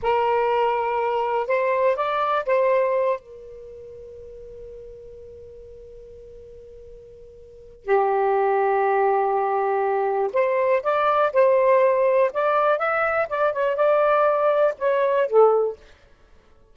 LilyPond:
\new Staff \with { instrumentName = "saxophone" } { \time 4/4 \tempo 4 = 122 ais'2. c''4 | d''4 c''4. ais'4.~ | ais'1~ | ais'1 |
g'1~ | g'4 c''4 d''4 c''4~ | c''4 d''4 e''4 d''8 cis''8 | d''2 cis''4 a'4 | }